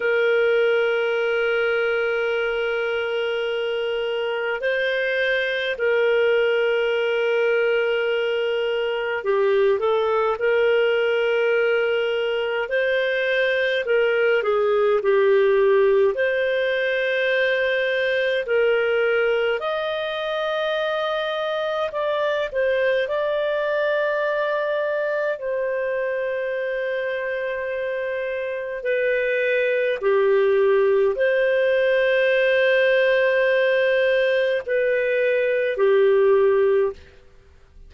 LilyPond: \new Staff \with { instrumentName = "clarinet" } { \time 4/4 \tempo 4 = 52 ais'1 | c''4 ais'2. | g'8 a'8 ais'2 c''4 | ais'8 gis'8 g'4 c''2 |
ais'4 dis''2 d''8 c''8 | d''2 c''2~ | c''4 b'4 g'4 c''4~ | c''2 b'4 g'4 | }